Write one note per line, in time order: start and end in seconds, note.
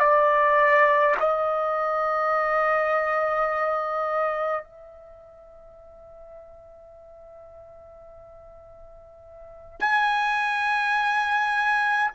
0.00 1.15 D5
1.21 4.64 D#5
4.64 9.80 E5
9.80 12.11 G#5